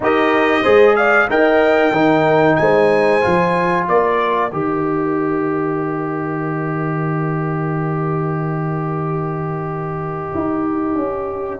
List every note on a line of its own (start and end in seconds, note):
0.00 0.63 D#4
0.00 0.64 G4
0.00 0.62 A#4
0.00 0.95 D#5
0.62 1.29 G#3
0.62 1.29 G#4
0.62 0.94 C5
0.95 1.29 D5
0.95 1.28 F5
1.29 1.91 D#4
1.29 1.93 A#4
1.29 1.92 D#5
1.29 2.55 G5
1.91 2.55 D#3
1.91 3.21 D#4
1.91 2.57 A#4
2.55 3.24 G#3
2.55 3.89 C5
2.55 3.84 G#5
3.21 3.88 F3
3.21 4.50 F4
3.88 4.53 A#3
3.88 11.60 A#4
3.88 4.51 D5
4.51 10.33 D#3
4.51 11.60 G4
4.51 11.60 D#5
10.34 10.95 D#4
10.95 11.59 C#4